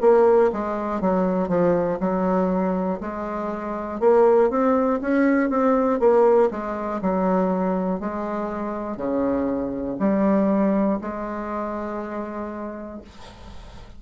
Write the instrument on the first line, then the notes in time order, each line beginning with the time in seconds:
bassoon
0.00 A#3
0.52 G#3
1.00 F#3
1.48 F3
2.00 F#3
3.00 G#3
4.00 A#3
4.50 C4
5.00 C#4
5.49 C4
6.00 A#3
6.50 G#3
7.01 F#3
8.00 G#3
8.96 C#3
9.99 G3
11.01 G#3